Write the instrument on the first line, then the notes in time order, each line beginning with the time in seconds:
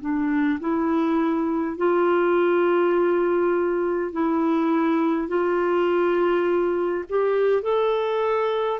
clarinet
0.00 D4
0.60 E4
1.77 F4
4.12 E4
5.28 F4
7.09 G4
7.62 A4